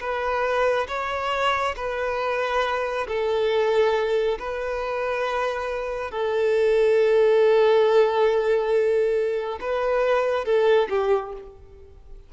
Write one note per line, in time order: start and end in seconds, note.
0.00 0.87 B4
0.88 1.75 C#5
1.76 3.07 B4
3.08 4.38 A4
4.39 6.11 B4
6.11 9.59 A4
9.60 10.45 B4
10.45 10.89 A4
10.89 11.33 G4